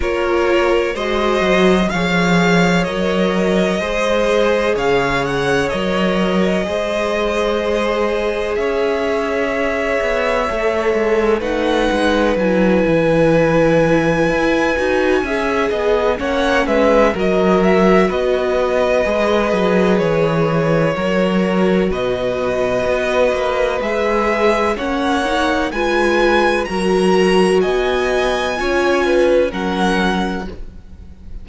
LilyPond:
<<
  \new Staff \with { instrumentName = "violin" } { \time 4/4 \tempo 4 = 63 cis''4 dis''4 f''4 dis''4~ | dis''4 f''8 fis''8 dis''2~ | dis''4 e''2. | fis''4 gis''2.~ |
gis''4 fis''8 e''8 dis''8 e''8 dis''4~ | dis''4 cis''2 dis''4~ | dis''4 e''4 fis''4 gis''4 | ais''4 gis''2 fis''4 | }
  \new Staff \with { instrumentName = "violin" } { \time 4/4 ais'4 c''4 cis''2 | c''4 cis''2 c''4~ | c''4 cis''2. | b'1 |
e''8 dis''8 cis''8 b'8 ais'4 b'4~ | b'2 ais'4 b'4~ | b'2 cis''4 b'4 | ais'4 dis''4 cis''8 b'8 ais'4 | }
  \new Staff \with { instrumentName = "viola" } { \time 4/4 f'4 fis'4 gis'4 ais'4 | gis'2 ais'4 gis'4~ | gis'2. a'4 | dis'4 e'2~ e'8 fis'8 |
gis'4 cis'4 fis'2 | gis'2 fis'2~ | fis'4 gis'4 cis'8 dis'8 f'4 | fis'2 f'4 cis'4 | }
  \new Staff \with { instrumentName = "cello" } { \time 4/4 ais4 gis8 fis8 f4 fis4 | gis4 cis4 fis4 gis4~ | gis4 cis'4. b8 a8 gis8 | a8 gis8 fis8 e4. e'8 dis'8 |
cis'8 b8 ais8 gis8 fis4 b4 | gis8 fis8 e4 fis4 b,4 | b8 ais8 gis4 ais4 gis4 | fis4 b4 cis'4 fis4 | }
>>